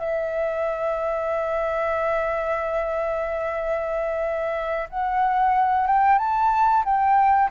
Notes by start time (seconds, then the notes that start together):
0.00 E5
4.90 F#5
5.87 G5
6.19 A5
6.85 G5